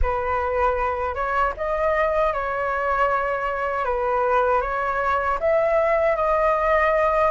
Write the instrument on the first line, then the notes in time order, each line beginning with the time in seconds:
flute
0.01 B4
1.14 C#5
1.56 D#5
2.33 C#5
3.84 B4
4.61 C#5
5.40 E5
6.16 D#5